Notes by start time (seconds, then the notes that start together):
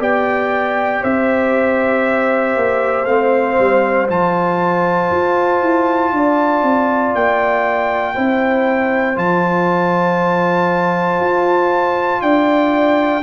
0.00 B3 G4 D5 G5
1.02 C4 C5 E5
2.56 A#3
3.06 A3 C4 F5
3.59 G3
4.09 F3 F4 A5
5.11 F4
5.62 E4
6.12 D4 D5
6.63 C4
7.15 A#3 G5
8.15 C4 E4 C5
9.16 F3 F4 A5
11.20 F4
12.22 D4 D5 G5